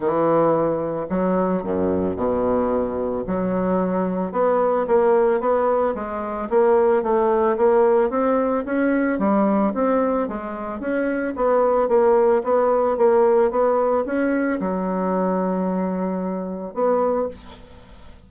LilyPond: \new Staff \with { instrumentName = "bassoon" } { \time 4/4 \tempo 4 = 111 e2 fis4 fis,4 | b,2 fis2 | b4 ais4 b4 gis4 | ais4 a4 ais4 c'4 |
cis'4 g4 c'4 gis4 | cis'4 b4 ais4 b4 | ais4 b4 cis'4 fis4~ | fis2. b4 | }